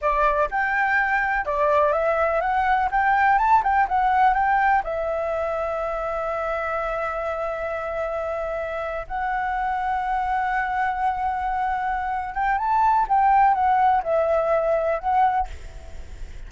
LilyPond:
\new Staff \with { instrumentName = "flute" } { \time 4/4 \tempo 4 = 124 d''4 g''2 d''4 | e''4 fis''4 g''4 a''8 g''8 | fis''4 g''4 e''2~ | e''1~ |
e''2~ e''8. fis''4~ fis''16~ | fis''1~ | fis''4. g''8 a''4 g''4 | fis''4 e''2 fis''4 | }